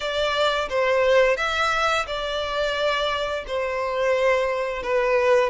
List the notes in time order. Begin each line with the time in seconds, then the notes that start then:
0.00 D5
0.69 C5
1.36 E5
2.07 D5
3.47 C5
4.82 B4